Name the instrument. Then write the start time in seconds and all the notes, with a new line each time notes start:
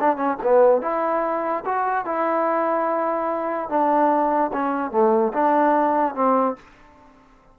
trombone
0.00 D4
0.16 C#4
0.43 B3
0.82 E4
1.65 F#4
2.05 E4
3.69 D4
4.53 C#4
4.91 A3
5.33 D4
6.15 C4